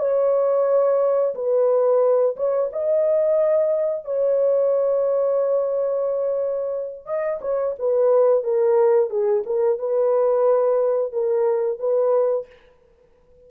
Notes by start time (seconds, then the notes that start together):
0.00 C#5
1.35 B4
2.37 C#5
2.73 D#5
4.05 C#5
7.06 D#5
7.42 C#5
7.79 B4
8.44 A#4
9.10 G#4
9.46 A#4
9.79 B4
11.13 A#4
11.79 B4